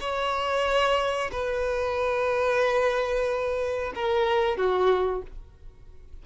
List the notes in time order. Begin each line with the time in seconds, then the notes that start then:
0.00 C#5
1.32 B4
3.95 A#4
4.57 F#4